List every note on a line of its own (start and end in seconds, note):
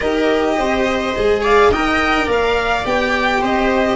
0.00 0.57 D#4
0.00 1.15 G4
0.00 0.56 A#4
0.00 1.43 D#5
0.57 1.14 C4
0.57 1.41 C5
1.15 1.69 G#3
1.15 1.72 G#4
1.41 1.70 D5
1.41 1.72 F5
1.69 2.26 D#4
1.69 2.85 A#4
1.69 2.25 D#5
1.69 2.29 G5
2.25 2.84 A#3
2.25 3.39 D5
2.32 2.86 F5
2.85 3.42 B3
2.85 3.95 G4
2.85 3.43 G5
3.41 3.95 C4
3.41 3.95 C5
3.41 3.95 D#5